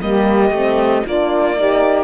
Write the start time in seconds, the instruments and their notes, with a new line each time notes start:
0.00 cello G3, horn A#3, saxophone G4, violin D#5
0.50 cello A3, horn C4
1.04 cello A#3, horn D4, saxophone F4, violin D5
1.55 horn D#4, saxophone G4